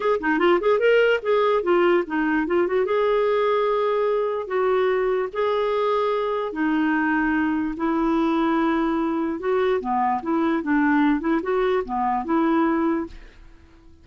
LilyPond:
\new Staff \with { instrumentName = "clarinet" } { \time 4/4 \tempo 4 = 147 gis'8 dis'8 f'8 gis'8 ais'4 gis'4 | f'4 dis'4 f'8 fis'8 gis'4~ | gis'2. fis'4~ | fis'4 gis'2. |
dis'2. e'4~ | e'2. fis'4 | b4 e'4 d'4. e'8 | fis'4 b4 e'2 | }